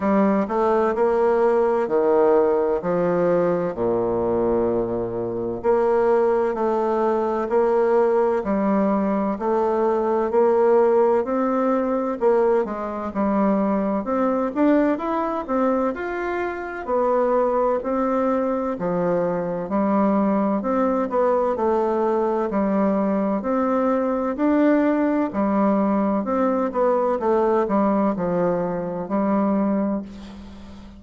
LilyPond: \new Staff \with { instrumentName = "bassoon" } { \time 4/4 \tempo 4 = 64 g8 a8 ais4 dis4 f4 | ais,2 ais4 a4 | ais4 g4 a4 ais4 | c'4 ais8 gis8 g4 c'8 d'8 |
e'8 c'8 f'4 b4 c'4 | f4 g4 c'8 b8 a4 | g4 c'4 d'4 g4 | c'8 b8 a8 g8 f4 g4 | }